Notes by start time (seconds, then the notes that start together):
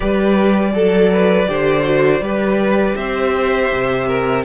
0.00 G3 G4 B4 D5
0.72 F#3 A4
1.12 B4
1.47 D3 G4 C5
1.83 F#4
2.21 G3 G4 B4
2.95 C4 C5 E5
3.72 C3
4.07 A#4